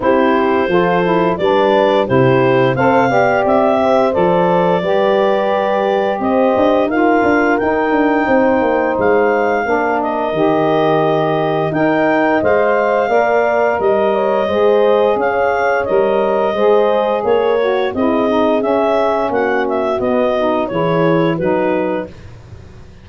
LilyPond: <<
  \new Staff \with { instrumentName = "clarinet" } { \time 4/4 \tempo 4 = 87 c''2 d''4 c''4 | f''4 e''4 d''2~ | d''4 dis''4 f''4 g''4~ | g''4 f''4. dis''4.~ |
dis''4 g''4 f''2 | dis''2 f''4 dis''4~ | dis''4 cis''4 dis''4 e''4 | fis''8 e''8 dis''4 cis''4 b'4 | }
  \new Staff \with { instrumentName = "horn" } { \time 4/4 g'4 a'4 b'4 g'4 | c''8 d''4 c''4. b'4~ | b'4 c''4 ais'2 | c''2 ais'2~ |
ais'4 dis''2 d''4 | dis''8 cis''8 c''4 cis''2 | c''4 ais'4 gis'2 | fis'2 gis'4 fis'4 | }
  \new Staff \with { instrumentName = "saxophone" } { \time 4/4 e'4 f'8 e'8 d'4 e'4 | a'8 g'4. a'4 g'4~ | g'2 f'4 dis'4~ | dis'2 d'4 g'4~ |
g'4 ais'4 c''4 ais'4~ | ais'4 gis'2 ais'4 | gis'4. fis'8 e'8 dis'8 cis'4~ | cis'4 b8 dis'8 e'4 dis'4 | }
  \new Staff \with { instrumentName = "tuba" } { \time 4/4 c'4 f4 g4 c4 | c'8 b8 c'4 f4 g4~ | g4 c'8 d'8 dis'8 d'8 dis'8 d'8 | c'8 ais8 gis4 ais4 dis4~ |
dis4 dis'4 gis4 ais4 | g4 gis4 cis'4 g4 | gis4 ais4 c'4 cis'4 | ais4 b4 e4 fis4 | }
>>